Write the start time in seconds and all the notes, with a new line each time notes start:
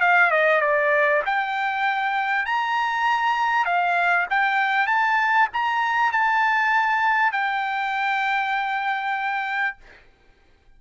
0.00 F5
0.31 D#5
0.61 D5
1.25 G5
2.45 A#5
3.65 F5
4.30 G5
4.87 A5
5.53 A#5
6.12 A5
7.32 G5